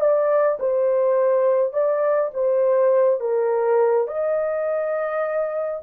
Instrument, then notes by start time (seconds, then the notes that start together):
horn
0.00 D5
0.59 C5
1.73 D5
2.34 C5
3.20 A#4
4.07 D#5